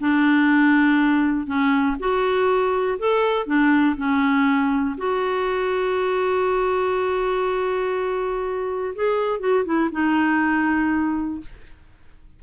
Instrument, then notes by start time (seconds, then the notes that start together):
clarinet
0.00 D4
1.47 C#4
1.99 F#4
2.99 A4
3.46 D4
3.97 C#4
4.98 F#4
8.95 G#4
9.40 F#4
9.65 E4
9.92 D#4